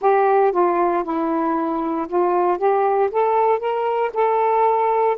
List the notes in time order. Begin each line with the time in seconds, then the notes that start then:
0.01 G4
0.52 F4
1.03 E4
2.08 F4
2.58 G4
3.11 A4
3.59 A#4
4.13 A4